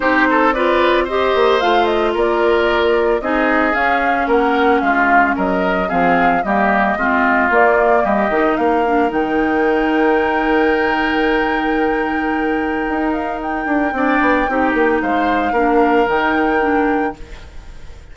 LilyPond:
<<
  \new Staff \with { instrumentName = "flute" } { \time 4/4 \tempo 4 = 112 c''4 d''4 dis''4 f''8 dis''8 | d''2 dis''4 f''4 | fis''4 f''4 dis''4 f''4 | dis''2 d''4 dis''4 |
f''4 g''2.~ | g''1~ | g''8 f''8 g''2. | f''2 g''2 | }
  \new Staff \with { instrumentName = "oboe" } { \time 4/4 g'8 a'8 b'4 c''2 | ais'2 gis'2 | ais'4 f'4 ais'4 gis'4 | g'4 f'2 g'4 |
ais'1~ | ais'1~ | ais'2 d''4 g'4 | c''4 ais'2. | }
  \new Staff \with { instrumentName = "clarinet" } { \time 4/4 dis'4 f'4 g'4 f'4~ | f'2 dis'4 cis'4~ | cis'2. c'4 | ais4 c'4 ais4. dis'8~ |
dis'8 d'8 dis'2.~ | dis'1~ | dis'2 d'4 dis'4~ | dis'4 d'4 dis'4 d'4 | }
  \new Staff \with { instrumentName = "bassoon" } { \time 4/4 c'2~ c'8 ais8 a4 | ais2 c'4 cis'4 | ais4 gis4 fis4 f4 | g4 gis4 ais4 g8 dis8 |
ais4 dis2.~ | dis1 | dis'4. d'8 c'8 b8 c'8 ais8 | gis4 ais4 dis2 | }
>>